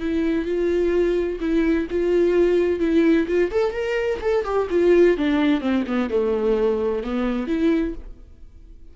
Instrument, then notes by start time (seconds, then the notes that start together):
viola
0.00 E4
0.45 F4
1.40 E4
1.90 F4
2.80 E4
3.27 F4
3.51 A4
3.73 A#4
4.21 A4
4.44 G4
4.70 F4
5.17 D4
5.61 C4
5.87 B3
6.10 A3
7.03 B3
7.47 E4